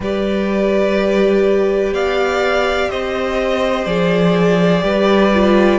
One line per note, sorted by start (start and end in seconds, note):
0.00 1.92 G3
0.00 3.85 G4
0.00 1.93 B4
0.00 1.94 D5
1.92 2.89 B3
1.92 2.90 D5
1.92 2.90 F5
2.90 3.85 C4
2.90 4.83 C5
2.90 3.85 D#5
3.85 4.82 F3
3.85 4.81 G#4
3.85 5.79 D5
4.81 5.79 G3
4.81 5.30 G4
4.81 5.79 B4
5.34 5.79 F4